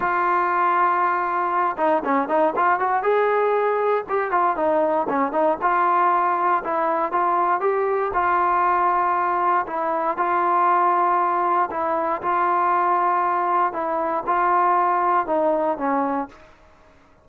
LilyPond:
\new Staff \with { instrumentName = "trombone" } { \time 4/4 \tempo 4 = 118 f'2.~ f'8 dis'8 | cis'8 dis'8 f'8 fis'8 gis'2 | g'8 f'8 dis'4 cis'8 dis'8 f'4~ | f'4 e'4 f'4 g'4 |
f'2. e'4 | f'2. e'4 | f'2. e'4 | f'2 dis'4 cis'4 | }